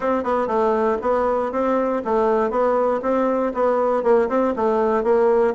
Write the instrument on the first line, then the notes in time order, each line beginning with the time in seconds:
bassoon
0.00 C4
0.23 B3
0.47 A3
1.01 B3
1.51 C4
2.04 A3
2.50 B3
3.02 C4
3.53 B3
4.03 A#3
4.29 C4
4.56 A3
5.03 A#3